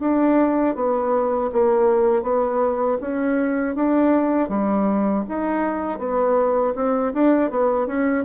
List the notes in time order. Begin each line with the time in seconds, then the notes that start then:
0.00 D4
0.75 B3
1.52 A#3
2.23 B3
3.01 C#4
3.75 D4
4.49 G3
5.29 D#4
5.99 B3
6.75 C4
7.14 D4
7.50 B3
7.87 C#4